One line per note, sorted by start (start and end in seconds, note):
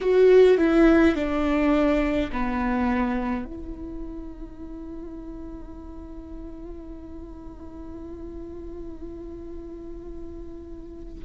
0.01 0.57 F#4
0.57 1.15 E4
1.15 2.30 D4
2.31 3.45 B3
3.45 11.23 E4